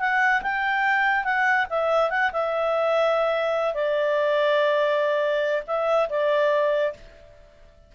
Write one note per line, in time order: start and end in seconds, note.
0.00 0.42 F#5
0.42 1.24 G5
1.24 1.66 F#5
1.70 2.10 E5
2.10 2.31 F#5
2.33 3.74 E5
3.74 5.63 D5
5.67 6.09 E5
6.10 6.93 D5